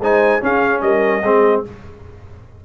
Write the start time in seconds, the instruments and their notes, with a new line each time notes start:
0.00 tuba G#3, trombone D#4, horn C5, trumpet G#5
0.42 trombone C#4, tuba C#4, horn G#4, trumpet F5
0.82 tuba G3, horn A#4, trumpet D#5
1.23 tuba G#3, trombone C4, horn G#4